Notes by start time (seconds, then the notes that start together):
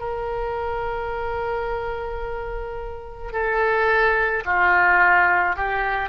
0.00 A#4
3.33 A4
4.45 F4
5.56 G4